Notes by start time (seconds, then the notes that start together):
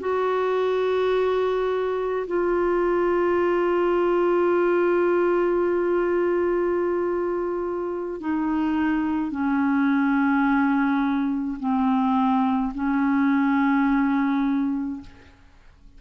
0.00 F#4
2.27 F4
8.20 D#4
9.31 C#4
11.59 C4
12.75 C#4